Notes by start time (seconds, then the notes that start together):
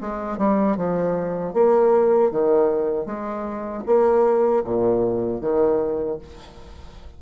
0.00 G#3
0.38 G3
0.77 F3
1.53 A#3
2.31 D#3
3.05 G#3
3.86 A#3
4.64 A#2
5.40 D#3